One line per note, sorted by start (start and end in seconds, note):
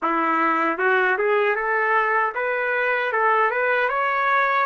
0.02 0.78 E4
0.78 1.17 F#4
1.18 1.55 G#4
1.55 2.33 A4
2.34 3.12 B4
3.12 3.50 A4
3.50 3.89 B4
3.89 4.66 C#5